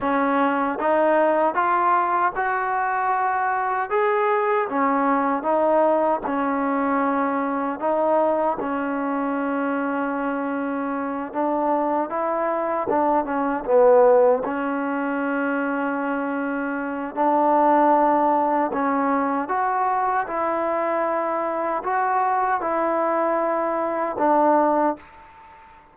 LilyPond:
\new Staff \with { instrumentName = "trombone" } { \time 4/4 \tempo 4 = 77 cis'4 dis'4 f'4 fis'4~ | fis'4 gis'4 cis'4 dis'4 | cis'2 dis'4 cis'4~ | cis'2~ cis'8 d'4 e'8~ |
e'8 d'8 cis'8 b4 cis'4.~ | cis'2 d'2 | cis'4 fis'4 e'2 | fis'4 e'2 d'4 | }